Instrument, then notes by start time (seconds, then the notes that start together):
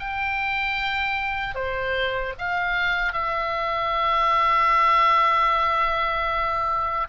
oboe
0.00 G5
1.55 C5
2.39 F5
3.13 E5